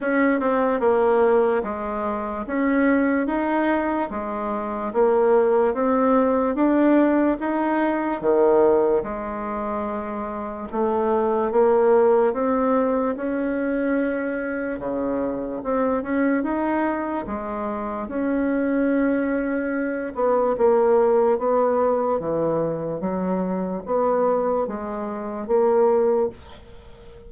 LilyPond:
\new Staff \with { instrumentName = "bassoon" } { \time 4/4 \tempo 4 = 73 cis'8 c'8 ais4 gis4 cis'4 | dis'4 gis4 ais4 c'4 | d'4 dis'4 dis4 gis4~ | gis4 a4 ais4 c'4 |
cis'2 cis4 c'8 cis'8 | dis'4 gis4 cis'2~ | cis'8 b8 ais4 b4 e4 | fis4 b4 gis4 ais4 | }